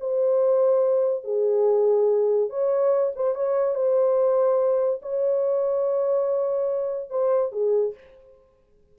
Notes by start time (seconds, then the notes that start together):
0.00 C5
1.24 G#4
2.49 C#5
3.16 C5
3.35 C#5
3.75 C5
5.02 C#5
7.10 C5
7.52 G#4